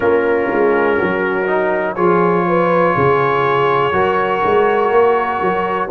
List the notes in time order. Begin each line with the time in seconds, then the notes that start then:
0.00 A#3 C#4 F4 A#4
0.51 G#3
0.96 F#3 F#4
1.46 D#4
1.95 F3 F4 G#4 C#5
2.47 B4
2.94 C#3 G#4
3.92 F#3 F#4 A#4
4.44 G#3
4.91 A#3
5.41 F#3